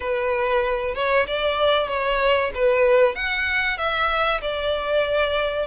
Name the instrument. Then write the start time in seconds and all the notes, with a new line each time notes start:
violin
0.00 B4
0.94 C#5
1.27 D5
1.88 C#5
2.54 B4
3.15 F#5
3.77 E5
4.41 D5